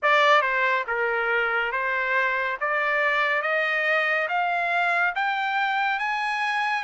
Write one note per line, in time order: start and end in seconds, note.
0.02 0.41 D5
0.41 0.84 C5
0.87 1.71 A#4
1.71 2.57 C5
2.60 3.42 D5
3.42 4.27 D#5
4.28 5.14 F5
5.15 5.99 G5
5.99 6.83 G#5